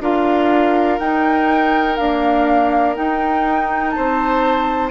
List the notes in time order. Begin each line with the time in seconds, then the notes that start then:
0.00 D4 F4 A#4 F5
0.98 D#4 G5
1.96 A#3 D4 F5
2.95 D#4 G5
3.90 C5 A5
3.97 C4